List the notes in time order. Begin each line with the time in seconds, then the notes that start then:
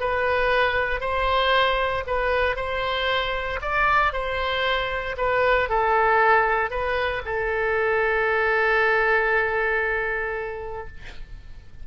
0.00 B4
1.01 C5
2.07 B4
2.56 C5
3.62 D5
4.13 C5
5.17 B4
5.69 A4
6.71 B4
7.25 A4